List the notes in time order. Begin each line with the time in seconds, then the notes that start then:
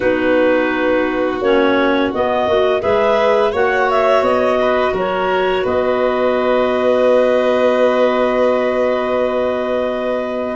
0.00 B3 D#4 F#4 B4
1.40 A#3 C#4 C#5
2.13 B3 D#5
2.47 A#3 F#4
2.80 G#3 G#4 B4 E5
3.52 A#3 F#4 C#5 F#5
3.90 E5
4.21 B3 D#5
4.61 B4
4.93 F#3 A#4 C#5
5.63 B3 B4 D#5